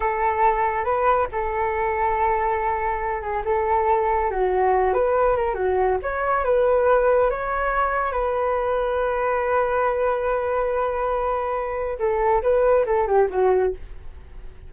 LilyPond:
\new Staff \with { instrumentName = "flute" } { \time 4/4 \tempo 4 = 140 a'2 b'4 a'4~ | a'2.~ a'8 gis'8 | a'2 fis'4. b'8~ | b'8 ais'8 fis'4 cis''4 b'4~ |
b'4 cis''2 b'4~ | b'1~ | b'1 | a'4 b'4 a'8 g'8 fis'4 | }